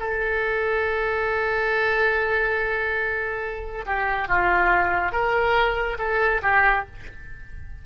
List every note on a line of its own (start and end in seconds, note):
0.00 3.86 A4
3.86 4.29 G4
4.29 5.12 F4
5.12 5.98 A#4
5.99 6.42 A4
6.43 6.86 G4